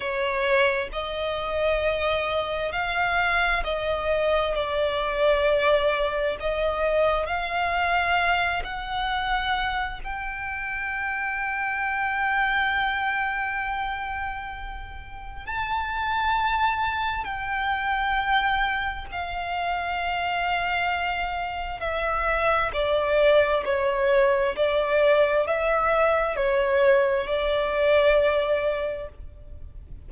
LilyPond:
\new Staff \with { instrumentName = "violin" } { \time 4/4 \tempo 4 = 66 cis''4 dis''2 f''4 | dis''4 d''2 dis''4 | f''4. fis''4. g''4~ | g''1~ |
g''4 a''2 g''4~ | g''4 f''2. | e''4 d''4 cis''4 d''4 | e''4 cis''4 d''2 | }